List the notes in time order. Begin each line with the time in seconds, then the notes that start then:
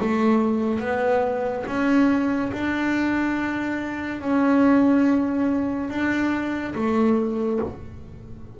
0.00 A3
0.80 B3
1.67 C#4
2.53 D4
4.21 C#4
5.90 D4
6.75 A3